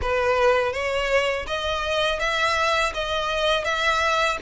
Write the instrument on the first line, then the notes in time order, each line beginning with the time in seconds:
violin
0.01 B4
0.73 C#5
1.46 D#5
2.19 E5
2.93 D#5
3.64 E5